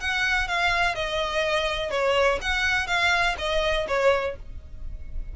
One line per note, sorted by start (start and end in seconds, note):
0.00 0.48 F#5
0.48 0.95 F5
0.95 1.90 D#5
1.90 2.39 C#5
2.41 2.87 F#5
2.87 3.35 F5
3.38 3.87 D#5
3.88 4.36 C#5